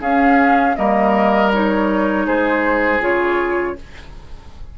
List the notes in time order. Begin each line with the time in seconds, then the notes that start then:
0.00 C#4 G#4 F5
0.75 G3 A#3 A#4 D#5
1.53 D#4 C#5
2.26 G#3 G#4 C5
2.99 C#3 F4 C#5